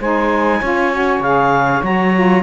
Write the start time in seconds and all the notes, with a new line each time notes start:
0.00 G#3 D#4 C5 G#5
0.59 C#4 F4 C#5
0.93 F#4
1.20 C#3 G#4 F5
1.83 F#3 F#4 A#5
2.14 F4